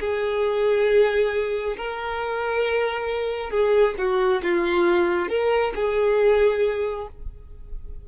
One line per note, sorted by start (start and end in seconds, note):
0.00 1.76 G#4
1.76 3.51 A#4
3.51 3.95 G#4
3.98 4.42 F#4
4.43 5.29 F4
5.29 5.73 A#4
5.75 7.07 G#4